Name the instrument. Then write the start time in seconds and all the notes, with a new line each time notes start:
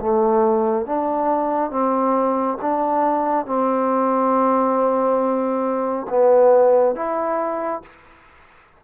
trombone
0.00 A3
0.85 D4
1.71 C4
2.61 D4
3.45 C4
6.09 B3
6.95 E4